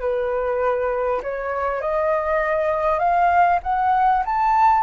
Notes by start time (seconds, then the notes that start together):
0.00 B4
1.22 C#5
1.81 D#5
2.99 F5
3.63 F#5
4.25 A5